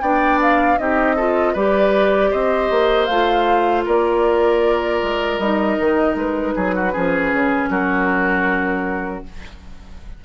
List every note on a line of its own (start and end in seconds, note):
0.00 0.78 B3
0.00 0.78 D4
0.00 0.78 D5
0.00 0.38 G5
0.42 0.78 F5
0.78 1.55 C4
0.78 1.17 D#4
0.78 1.15 G4
0.78 1.55 D#5
1.15 1.56 F4
1.15 1.53 A4
1.53 2.32 G3
1.53 3.09 G4
1.53 2.30 B4
1.53 2.32 D5
2.30 2.70 C4
2.30 3.84 C5
2.30 3.05 D#5
2.70 3.08 A#3
3.05 3.85 A3
3.05 5.41 F4
3.05 3.82 F5
3.85 5.02 A#3
3.85 6.54 A#4
3.85 5.39 D5
5.02 5.38 G#3
5.38 5.77 G3
5.38 6.92 D#4
5.38 6.16 D#5
5.79 6.14 D#3
6.14 6.53 G#3
6.14 7.70 B4
6.55 6.94 F#3
6.55 6.74 G#4
6.75 6.92 F#4
6.92 7.32 F3
6.92 9.23 C#4
6.92 7.69 G#4
7.32 7.69 C#3
7.69 9.23 F#3
7.69 9.24 F#4
7.69 9.24 A#4